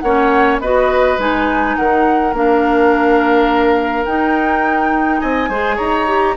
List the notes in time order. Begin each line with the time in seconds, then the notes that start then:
0.00 A#3 C#4 C#5 F#5
0.59 B3 F#4 B4 D#5
1.18 G#3 D#4 G#5
1.76 D#3 A#4 F#5
2.33 A#3 D4 F5
4.06 D#4 G5
5.20 C4 D#5 G#5
5.49 G#3 G#4 C5
5.76 D#4 C#5 A#5
6.07 G4